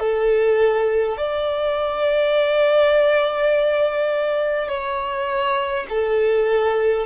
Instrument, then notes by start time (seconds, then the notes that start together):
violin
0.00 A4
1.18 D5
4.69 C#5
5.90 A4